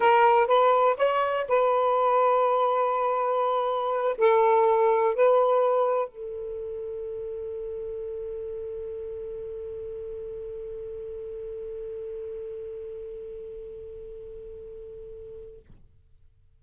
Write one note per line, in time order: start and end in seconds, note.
0.00 0.47 A#4
0.47 0.96 B4
0.97 1.45 C#5
1.48 4.16 B4
4.17 5.15 A4
5.15 6.08 B4
6.08 15.59 A4